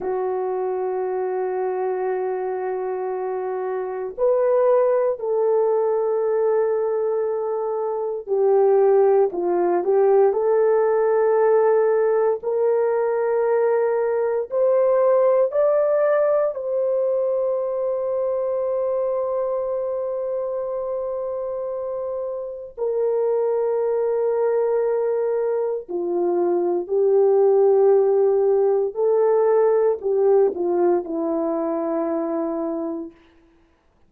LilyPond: \new Staff \with { instrumentName = "horn" } { \time 4/4 \tempo 4 = 58 fis'1 | b'4 a'2. | g'4 f'8 g'8 a'2 | ais'2 c''4 d''4 |
c''1~ | c''2 ais'2~ | ais'4 f'4 g'2 | a'4 g'8 f'8 e'2 | }